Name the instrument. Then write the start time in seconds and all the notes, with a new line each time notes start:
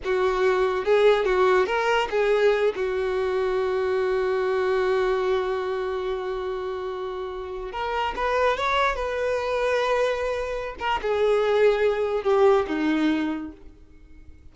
violin
0.04 F#4
0.85 G#4
1.25 F#4
1.66 A#4
2.10 G#4
2.75 F#4
7.72 A#4
8.16 B4
8.57 C#5
8.95 B4
10.79 A#4
11.02 G#4
12.23 G4
12.67 D#4